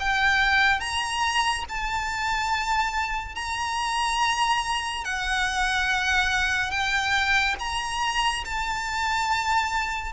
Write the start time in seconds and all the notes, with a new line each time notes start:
0.00 G5
0.80 A#5
1.69 A5
3.36 A#5
5.05 F#5
6.71 G5
7.60 A#5
8.45 A5